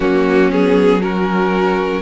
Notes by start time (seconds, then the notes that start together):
0.00 F#3 A#3 C#4 F#4
0.50 B3 G#4
1.00 C#4 F#4 A#4